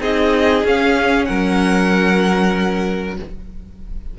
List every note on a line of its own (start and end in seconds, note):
0.00 0.63 C4
0.00 0.64 D#4
0.00 1.27 G#4
0.00 0.65 D#5
0.64 1.27 C#4
0.64 3.17 C#4
0.64 1.25 F5
1.25 3.19 F#3
1.25 3.17 A#4
1.25 3.14 F#5